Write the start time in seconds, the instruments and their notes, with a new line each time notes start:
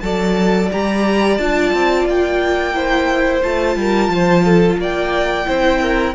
0.00 cello F#3, viola A4, violin D5 A5
0.72 cello G3, viola G4, violin A#5
1.38 cello D4, viola F4, violin A5
1.73 cello C4
2.06 cello A#3, violin G5
2.74 viola E4, violin C5
3.43 cello A3, viola F4, violin A5
3.76 cello G3, violin A#4
4.09 cello F3, violin C5
4.45 violin A4
4.78 cello A#3, violin D5 G5
5.45 cello C4, viola E4, violin C5
5.82 violin A#4